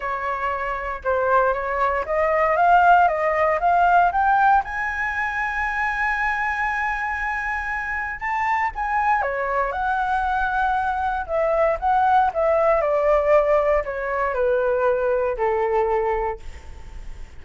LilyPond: \new Staff \with { instrumentName = "flute" } { \time 4/4 \tempo 4 = 117 cis''2 c''4 cis''4 | dis''4 f''4 dis''4 f''4 | g''4 gis''2.~ | gis''1 |
a''4 gis''4 cis''4 fis''4~ | fis''2 e''4 fis''4 | e''4 d''2 cis''4 | b'2 a'2 | }